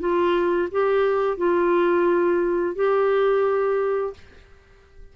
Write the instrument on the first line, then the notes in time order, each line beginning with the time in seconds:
clarinet
0.00 F4
0.71 G4
1.38 F4
2.76 G4